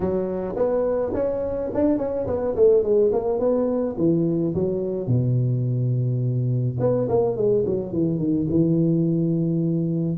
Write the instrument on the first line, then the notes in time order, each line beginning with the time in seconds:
tuba
0.00 F#3
0.56 B3
1.14 C#4
1.74 D4
1.98 C#4
2.26 B3
2.55 A3
2.83 G#3
3.12 A#3
3.39 B3
3.97 E3
4.54 F#3
5.07 B2
6.79 B3
7.08 A#3
7.36 G#3
7.66 F#3
7.92 E3
8.18 D#3
8.49 E3